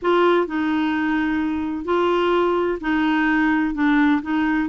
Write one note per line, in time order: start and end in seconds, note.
0.02 0.46 F4
0.46 1.85 D#4
1.85 2.78 F4
2.81 3.74 D#4
3.74 4.21 D4
4.22 4.69 D#4